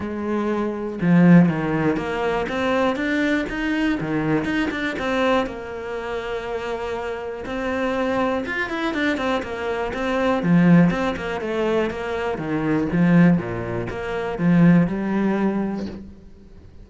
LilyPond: \new Staff \with { instrumentName = "cello" } { \time 4/4 \tempo 4 = 121 gis2 f4 dis4 | ais4 c'4 d'4 dis'4 | dis4 dis'8 d'8 c'4 ais4~ | ais2. c'4~ |
c'4 f'8 e'8 d'8 c'8 ais4 | c'4 f4 c'8 ais8 a4 | ais4 dis4 f4 ais,4 | ais4 f4 g2 | }